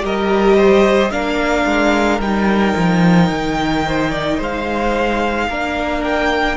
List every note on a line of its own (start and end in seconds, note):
0.00 1.10 G3
0.00 1.09 G4
0.00 0.57 A#4
0.00 1.11 D#5
0.57 1.11 C5
1.10 1.65 A#3
1.10 2.20 D4
1.10 3.87 A#4
1.10 2.20 F5
1.65 2.19 G#3
2.19 2.74 G3
2.19 5.49 D#4
2.19 4.40 G5
2.76 3.30 F3
3.30 4.39 D#3
3.87 4.10 C5
4.10 4.37 D5
4.37 5.48 G#3
4.37 5.46 C5
4.37 6.03 F5
5.48 6.57 A#3
5.48 6.57 D4
5.48 6.57 A#4
6.03 6.57 G5